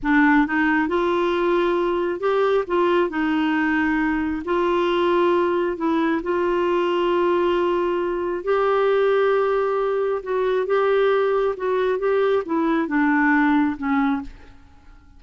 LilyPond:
\new Staff \with { instrumentName = "clarinet" } { \time 4/4 \tempo 4 = 135 d'4 dis'4 f'2~ | f'4 g'4 f'4 dis'4~ | dis'2 f'2~ | f'4 e'4 f'2~ |
f'2. g'4~ | g'2. fis'4 | g'2 fis'4 g'4 | e'4 d'2 cis'4 | }